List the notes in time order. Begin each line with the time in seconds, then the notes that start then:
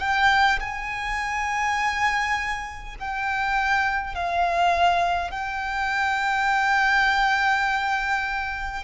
0.00 G5
0.60 G#5
2.99 G5
4.14 F5
5.31 G5